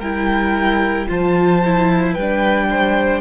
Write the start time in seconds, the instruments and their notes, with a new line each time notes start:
0.00 cello G3, viola E4, violin A#4 G5
1.08 cello F3, viola F4, violin C5 A5
1.65 viola E4
2.14 cello G3, violin B4 G5
2.21 viola D4
2.70 violin C5